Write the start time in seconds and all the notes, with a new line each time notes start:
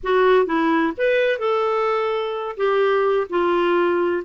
0.03 F#4
0.46 E4
0.97 B4
1.38 A4
2.56 G4
3.29 F4